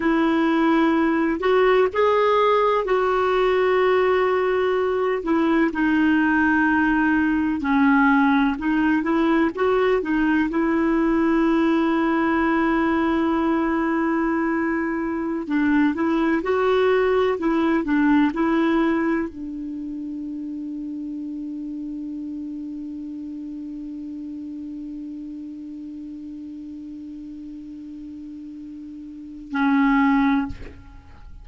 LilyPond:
\new Staff \with { instrumentName = "clarinet" } { \time 4/4 \tempo 4 = 63 e'4. fis'8 gis'4 fis'4~ | fis'4. e'8 dis'2 | cis'4 dis'8 e'8 fis'8 dis'8 e'4~ | e'1~ |
e'16 d'8 e'8 fis'4 e'8 d'8 e'8.~ | e'16 d'2.~ d'8.~ | d'1~ | d'2. cis'4 | }